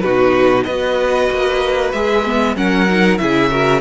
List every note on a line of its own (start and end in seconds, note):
0.00 0.66 B2
0.00 0.67 D#4
0.00 0.64 F#4
0.00 0.63 B4
0.64 1.30 B3
0.64 2.54 B4
0.64 1.90 D#5
0.70 1.95 F#4
1.30 1.94 A#3
1.92 2.56 G#3
1.92 2.26 G#4
1.92 2.55 E5
2.26 2.56 B3
2.56 3.19 F#3
2.56 2.87 C#4
2.56 3.21 A#4
2.56 3.18 F#5
2.89 3.19 D#4
3.18 3.81 C#3
3.18 3.50 E4
3.18 3.50 G#4
3.18 3.81 E5
3.50 3.81 F#4
3.50 3.81 A#4